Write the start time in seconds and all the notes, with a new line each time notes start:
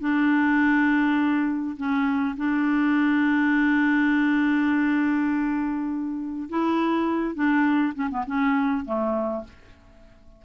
0.00 D4
1.77 C#4
2.37 D4
6.49 E4
7.35 D4
7.95 C#4
8.10 B3
8.26 C#4
8.85 A3